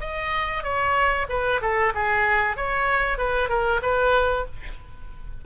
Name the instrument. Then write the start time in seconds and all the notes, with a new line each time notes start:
oboe
0.00 D#5
0.63 C#5
1.29 B4
1.61 A4
1.94 G#4
2.57 C#5
3.18 B4
3.49 A#4
3.82 B4